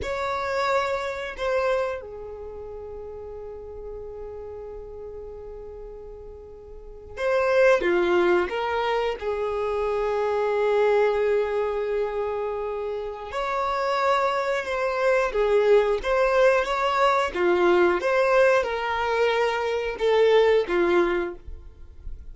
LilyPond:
\new Staff \with { instrumentName = "violin" } { \time 4/4 \tempo 4 = 90 cis''2 c''4 gis'4~ | gis'1~ | gis'2~ gis'8. c''4 f'16~ | f'8. ais'4 gis'2~ gis'16~ |
gis'1 | cis''2 c''4 gis'4 | c''4 cis''4 f'4 c''4 | ais'2 a'4 f'4 | }